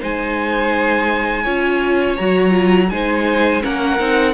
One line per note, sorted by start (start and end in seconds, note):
0.00 1.46 G#3
0.00 1.45 D#4
0.00 1.43 C5
0.00 2.17 G#5
1.43 2.19 C#4
1.43 2.17 F4
1.43 2.88 C#5
2.17 2.91 F#3
2.17 2.50 F#4
2.17 2.89 A#5
2.50 2.86 F4
2.89 3.63 G#3
2.89 3.61 D#4
2.89 3.63 C5
2.89 3.62 G#5
3.61 4.00 A#3
3.61 3.97 C#4
3.61 4.34 A#4
3.61 4.34 F#5
3.99 4.34 C4
3.99 4.34 D#4